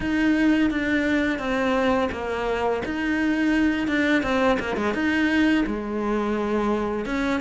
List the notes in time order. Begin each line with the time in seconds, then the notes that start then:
0.00 D#4
0.70 D4
1.38 C4
2.11 A#3
2.85 D#4
3.87 D4
4.23 C4
4.59 A#3
4.76 G#3
4.93 D#4
5.66 G#3
7.05 C#4